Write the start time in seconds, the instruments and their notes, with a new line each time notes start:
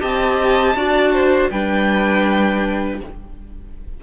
0.00 cello C4, viola G4, violin D#5 A5
0.75 cello D4, viola F#4, violin D5
1.13 violin C5
1.50 cello G3, viola D4, violin B4 G5